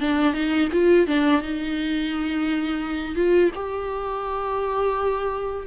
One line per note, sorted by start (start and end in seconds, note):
0.00 0.33 D4
0.33 0.69 D#4
0.72 1.07 F4
1.07 1.42 D4
1.42 3.15 D#4
3.15 3.51 F4
3.55 5.67 G4